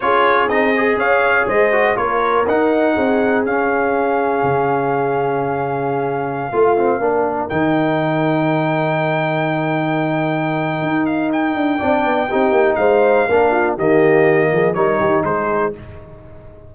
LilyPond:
<<
  \new Staff \with { instrumentName = "trumpet" } { \time 4/4 \tempo 4 = 122 cis''4 dis''4 f''4 dis''4 | cis''4 fis''2 f''4~ | f''1~ | f''2.~ f''16 g''8.~ |
g''1~ | g''2~ g''8 f''8 g''4~ | g''2 f''2 | dis''2 cis''4 c''4 | }
  \new Staff \with { instrumentName = "horn" } { \time 4/4 gis'2 cis''4 c''4 | ais'2 gis'2~ | gis'1~ | gis'4~ gis'16 f'4 ais'4.~ ais'16~ |
ais'1~ | ais'1 | d''4 g'4 c''4 ais'8 f'8 | g'4. gis'8 ais'8 g'8 gis'4 | }
  \new Staff \with { instrumentName = "trombone" } { \time 4/4 f'4 dis'8 gis'2 fis'8 | f'4 dis'2 cis'4~ | cis'1~ | cis'4~ cis'16 f'8 c'8 d'4 dis'8.~ |
dis'1~ | dis'1 | d'4 dis'2 d'4 | ais2 dis'2 | }
  \new Staff \with { instrumentName = "tuba" } { \time 4/4 cis'4 c'4 cis'4 gis4 | ais4 dis'4 c'4 cis'4~ | cis'4 cis2.~ | cis4~ cis16 a4 ais4 dis8.~ |
dis1~ | dis2 dis'4. d'8 | c'8 b8 c'8 ais8 gis4 ais4 | dis4. f8 g8 dis8 gis4 | }
>>